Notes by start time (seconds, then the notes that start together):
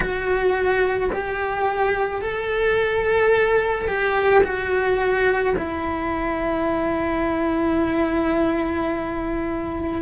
0.00 F#4
1.12 G4
2.21 A4
3.87 G4
4.43 F#4
5.58 E4